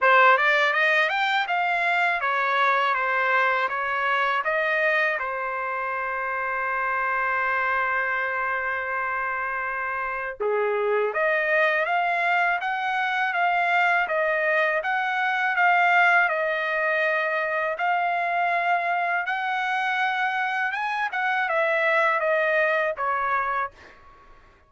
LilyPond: \new Staff \with { instrumentName = "trumpet" } { \time 4/4 \tempo 4 = 81 c''8 d''8 dis''8 g''8 f''4 cis''4 | c''4 cis''4 dis''4 c''4~ | c''1~ | c''2 gis'4 dis''4 |
f''4 fis''4 f''4 dis''4 | fis''4 f''4 dis''2 | f''2 fis''2 | gis''8 fis''8 e''4 dis''4 cis''4 | }